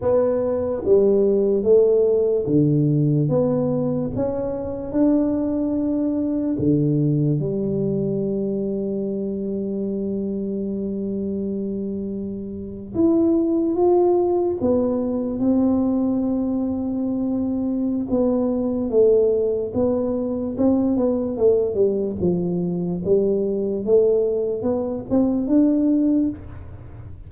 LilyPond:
\new Staff \with { instrumentName = "tuba" } { \time 4/4 \tempo 4 = 73 b4 g4 a4 d4 | b4 cis'4 d'2 | d4 g2.~ | g2.~ g8. e'16~ |
e'8. f'4 b4 c'4~ c'16~ | c'2 b4 a4 | b4 c'8 b8 a8 g8 f4 | g4 a4 b8 c'8 d'4 | }